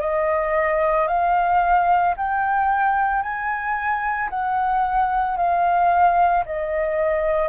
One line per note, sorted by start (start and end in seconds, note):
0.00 1.07 D#5
1.07 2.14 F5
2.16 3.22 G5
3.22 4.29 G#5
4.30 5.37 F#5
5.37 6.44 F5
6.45 7.49 D#5